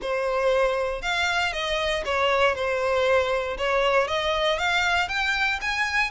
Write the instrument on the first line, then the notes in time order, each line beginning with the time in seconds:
violin
0.01 C5
1.02 F5
1.52 D#5
2.05 C#5
2.55 C5
3.57 C#5
4.07 D#5
4.58 F5
5.08 G5
5.61 G#5